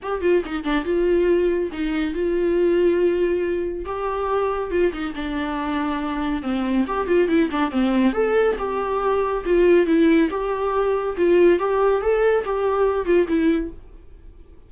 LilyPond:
\new Staff \with { instrumentName = "viola" } { \time 4/4 \tempo 4 = 140 g'8 f'8 dis'8 d'8 f'2 | dis'4 f'2.~ | f'4 g'2 f'8 dis'8 | d'2. c'4 |
g'8 f'8 e'8 d'8 c'4 a'4 | g'2 f'4 e'4 | g'2 f'4 g'4 | a'4 g'4. f'8 e'4 | }